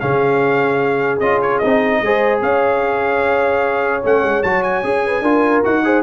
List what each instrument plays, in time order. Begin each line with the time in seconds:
0.00 tuba C#3, trombone C#4, horn G#4, trumpet F5
1.20 tuba C#4, trombone F4, trumpet D#5
1.41 trumpet C#5
1.59 tuba C4, trombone D#4, trumpet D#5
2.01 tuba G#3, trombone G#4, horn C5
2.41 tuba C#4, horn C#5, trumpet F5
4.03 tuba A3, trombone C#4, trumpet F#5
4.23 tuba G#3
4.43 tuba F#3, trombone F#4, trumpet A5
4.63 trumpet G#5
4.84 tuba C#4, trombone G#4
5.06 horn B4
5.22 tuba D4, trombone F4, horn A#4
5.64 tuba D#4, trombone F#4, trumpet F#5
5.84 trombone G#4, horn C5